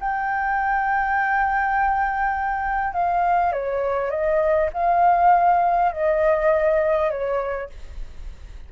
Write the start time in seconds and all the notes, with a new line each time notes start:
0.00 G5
2.93 F5
3.52 C#5
4.10 D#5
4.73 F5
5.92 D#5
7.10 C#5